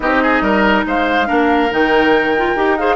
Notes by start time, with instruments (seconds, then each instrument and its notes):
0.00 bassoon C4, clarinet D#4, oboe G4, flute D#5
0.22 oboe G#4
0.41 bassoon G3, oboe A#4
0.86 bassoon G#3, oboe C5, flute F5
1.26 bassoon A#3, clarinet D4, oboe A#4
1.70 bassoon D#3, clarinet D#4, flute G5
2.37 clarinet F4
2.55 bassoon D#4, clarinet G4
2.77 clarinet G#4, oboe C5, flute F5